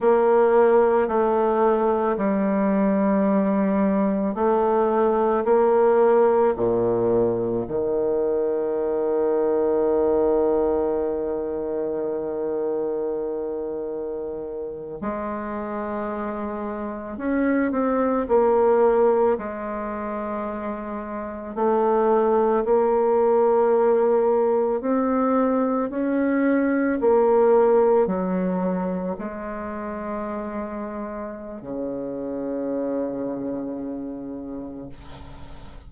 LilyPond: \new Staff \with { instrumentName = "bassoon" } { \time 4/4 \tempo 4 = 55 ais4 a4 g2 | a4 ais4 ais,4 dis4~ | dis1~ | dis4.~ dis16 gis2 cis'16~ |
cis'16 c'8 ais4 gis2 a16~ | a8. ais2 c'4 cis'16~ | cis'8. ais4 fis4 gis4~ gis16~ | gis4 cis2. | }